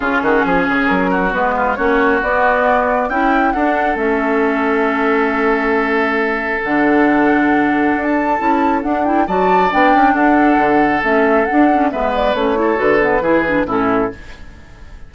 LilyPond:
<<
  \new Staff \with { instrumentName = "flute" } { \time 4/4 \tempo 4 = 136 gis'2 ais'4 b'4 | cis''4 d''2 g''4 | fis''4 e''2.~ | e''2. fis''4~ |
fis''2~ fis''16 a''4.~ a''16 | fis''8 g''8 a''4 g''4 fis''4~ | fis''4 e''4 fis''4 e''8 d''8 | cis''4 b'2 a'4 | }
  \new Staff \with { instrumentName = "oboe" } { \time 4/4 f'8 fis'8 gis'4. fis'4 f'8 | fis'2. e'4 | a'1~ | a'1~ |
a'1~ | a'4 d''2 a'4~ | a'2. b'4~ | b'8 a'4. gis'4 e'4 | }
  \new Staff \with { instrumentName = "clarinet" } { \time 4/4 cis'2. b4 | cis'4 b2 e'4 | d'4 cis'2.~ | cis'2. d'4~ |
d'2. e'4 | d'8 e'8 fis'4 d'2~ | d'4 cis'4 d'8 cis'8 b4 | cis'8 e'8 fis'8 b8 e'8 d'8 cis'4 | }
  \new Staff \with { instrumentName = "bassoon" } { \time 4/4 cis8 dis8 f8 cis8 fis4 gis4 | ais4 b2 cis'4 | d'4 a2.~ | a2. d4~ |
d2 d'4 cis'4 | d'4 fis4 b8 cis'8 d'4 | d4 a4 d'4 gis4 | a4 d4 e4 a,4 | }
>>